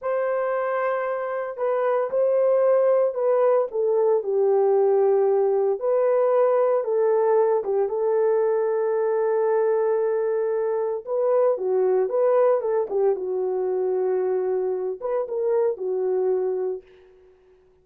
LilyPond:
\new Staff \with { instrumentName = "horn" } { \time 4/4 \tempo 4 = 114 c''2. b'4 | c''2 b'4 a'4 | g'2. b'4~ | b'4 a'4. g'8 a'4~ |
a'1~ | a'4 b'4 fis'4 b'4 | a'8 g'8 fis'2.~ | fis'8 b'8 ais'4 fis'2 | }